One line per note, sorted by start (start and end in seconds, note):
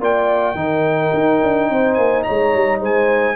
0.00 0.55 A#3
0.00 0.56 F4
0.00 0.57 D5
0.00 1.94 G5
0.55 1.11 D#3
0.55 3.36 D#4
0.55 1.71 A#4
1.14 1.42 D#4
1.42 1.70 D4
1.70 1.98 C4
1.70 2.25 C5
1.94 2.26 A#3
1.94 2.22 G#5
2.23 2.80 C#5
2.23 2.79 A#5
2.30 2.55 G#3
2.55 2.81 G3
2.80 3.36 G#3
2.80 3.36 C5
2.80 3.36 G#5